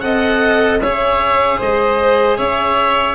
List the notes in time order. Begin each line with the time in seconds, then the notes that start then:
0.00 C4 A4 D#5 F#5
0.79 C#4 G#4 C#5 E5
1.58 G#3 C5 D#5
2.37 C#4 C#5 E5